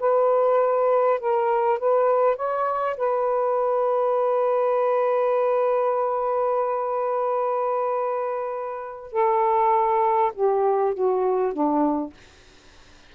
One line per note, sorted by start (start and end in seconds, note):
0.00 1.20 B4
1.20 1.79 A#4
1.79 2.36 B4
2.36 2.96 C#5
2.97 9.12 B4
9.12 10.32 A4
10.34 10.94 G4
10.94 11.53 F#4
11.53 12.13 D4